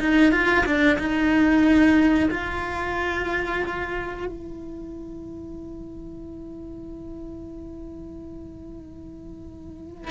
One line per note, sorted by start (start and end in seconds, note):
0.00 0.32 D#4
0.32 0.65 F4
0.66 0.98 D4
0.99 2.29 D#4
2.30 4.26 F4
4.26 10.11 E4